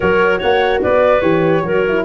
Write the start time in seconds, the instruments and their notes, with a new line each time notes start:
0.00 tuba F#3, horn F#4, clarinet A#4, flute C#5
0.38 tuba A#3, clarinet C#5, flute F#5
0.82 tuba B3, clarinet B4, flute D5
1.20 tuba E3, horn G4, flute C#5
1.62 tuba F#3, horn F#4, clarinet A#4
1.88 horn E4